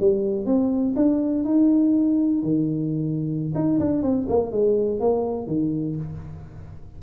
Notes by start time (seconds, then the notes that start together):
0.00 G3
0.46 C4
0.96 D4
1.44 D#4
2.43 D#3
3.55 D#4
3.80 D4
4.02 C4
4.29 A#3
4.52 G#3
5.00 A#3
5.47 D#3